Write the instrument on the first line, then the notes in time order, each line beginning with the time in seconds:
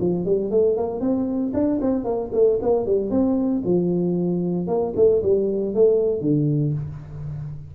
tuba
0.00 F3
0.25 G3
0.51 A3
0.77 A#3
1.00 C4
1.54 D4
1.81 C4
2.04 A#3
2.33 A3
2.62 A#3
2.86 G3
3.11 C4
3.65 F3
4.67 A#3
4.96 A3
5.22 G3
5.75 A3
6.21 D3